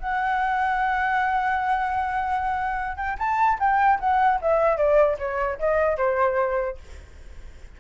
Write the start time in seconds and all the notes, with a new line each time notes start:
0.00 F#5
2.97 G5
3.19 A5
3.60 G5
4.00 F#5
4.42 E5
4.77 D5
5.19 C#5
5.59 D#5
5.98 C5